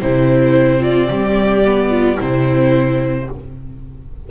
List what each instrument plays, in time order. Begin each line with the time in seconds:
0.00 double bass C3, viola C4 E4, violin C5
0.81 viola F4, violin D5
1.08 double bass G3, viola G4
1.65 viola B3
1.90 viola F4
2.17 double bass C3, viola C4 E4, violin C5